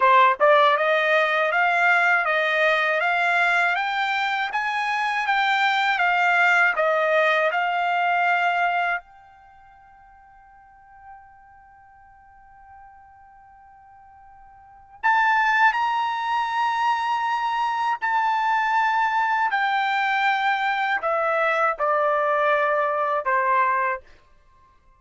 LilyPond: \new Staff \with { instrumentName = "trumpet" } { \time 4/4 \tempo 4 = 80 c''8 d''8 dis''4 f''4 dis''4 | f''4 g''4 gis''4 g''4 | f''4 dis''4 f''2 | g''1~ |
g''1 | a''4 ais''2. | a''2 g''2 | e''4 d''2 c''4 | }